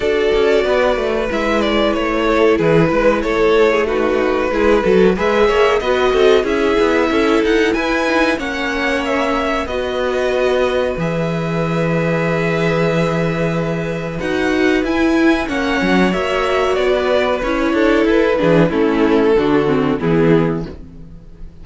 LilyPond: <<
  \new Staff \with { instrumentName = "violin" } { \time 4/4 \tempo 4 = 93 d''2 e''8 d''8 cis''4 | b'4 cis''4 b'2 | e''4 dis''4 e''4. fis''8 | gis''4 fis''4 e''4 dis''4~ |
dis''4 e''2.~ | e''2 fis''4 gis''4 | fis''4 e''4 d''4 cis''4 | b'4 a'2 gis'4 | }
  \new Staff \with { instrumentName = "violin" } { \time 4/4 a'4 b'2~ b'8 a'8 | gis'8 b'8 a'8. gis'16 fis'4 gis'8 a'8 | b'8 cis''8 b'8 a'8 gis'4 a'4 | b'4 cis''2 b'4~ |
b'1~ | b'1 | cis''2~ cis''16 b'4~ b'16 a'8~ | a'8 gis'8 e'4 fis'4 e'4 | }
  \new Staff \with { instrumentName = "viola" } { \time 4/4 fis'2 e'2~ | e'2 dis'4 e'8 fis'8 | gis'4 fis'4 e'2~ | e'8 dis'8 cis'2 fis'4~ |
fis'4 gis'2.~ | gis'2 fis'4 e'4 | cis'4 fis'2 e'4~ | e'8 d'8 cis'4 d'8 c'8 b4 | }
  \new Staff \with { instrumentName = "cello" } { \time 4/4 d'8 cis'8 b8 a8 gis4 a4 | e8 gis8 a2 gis8 fis8 | gis8 ais8 b8 c'8 cis'8 b8 cis'8 dis'8 | e'4 ais2 b4~ |
b4 e2.~ | e2 dis'4 e'4 | ais8 fis8 ais4 b4 cis'8 d'8 | e'8 e8 a4 d4 e4 | }
>>